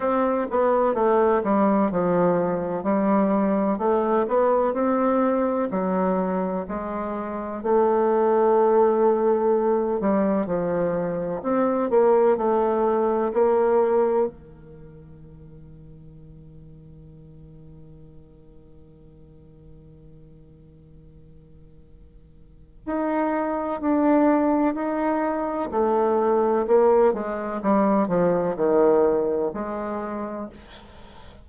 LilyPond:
\new Staff \with { instrumentName = "bassoon" } { \time 4/4 \tempo 4 = 63 c'8 b8 a8 g8 f4 g4 | a8 b8 c'4 fis4 gis4 | a2~ a8 g8 f4 | c'8 ais8 a4 ais4 dis4~ |
dis1~ | dis1 | dis'4 d'4 dis'4 a4 | ais8 gis8 g8 f8 dis4 gis4 | }